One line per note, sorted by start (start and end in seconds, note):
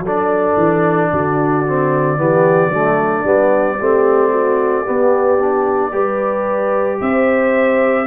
0.00 0.54 F#3
0.00 1.11 A4
0.06 1.67 D4
0.06 7.01 D5
0.57 1.11 E3
1.11 2.18 D3
1.11 2.18 F#4
1.67 2.18 C4
2.18 2.70 E3
2.18 2.71 B3
2.18 2.70 G4
2.70 3.23 F#3
2.70 3.25 A3
2.70 3.77 D4
3.24 3.78 G3
3.24 3.79 B3
3.78 4.88 A3
3.78 4.85 C4
3.78 4.31 G4
4.31 4.83 F#4
4.83 5.39 B3
4.83 5.93 B3
4.83 5.91 G4
5.40 5.92 D4
5.92 7.00 G3
5.92 8.06 G4
5.92 7.00 B4
7.00 8.06 C4
7.00 8.06 C5
7.00 8.06 E5